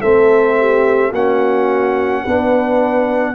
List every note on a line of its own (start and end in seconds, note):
0.00 1.11 A3
0.00 1.13 C4
0.00 0.56 A4
0.00 1.12 E5
0.59 1.11 G4
1.11 2.22 A#3
1.11 2.26 C#4
1.11 2.22 F#4
1.11 3.34 F#5
2.23 3.34 B3
2.23 3.34 D4
2.23 3.34 B4